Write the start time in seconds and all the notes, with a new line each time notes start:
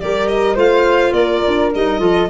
0.00 G3 G4 A#4 D5
0.28 D#5
0.55 A3 F4 C5 F5
1.13 A#3 A#4 D5
1.47 D4
1.75 G3 D#4 D#5
1.99 F3 F4 A4